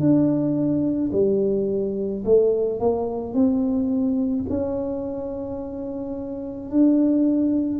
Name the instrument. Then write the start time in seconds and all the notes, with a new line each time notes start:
tuba
0.00 D4
1.13 G3
2.25 A3
2.80 A#3
3.34 C4
4.49 C#4
6.71 D4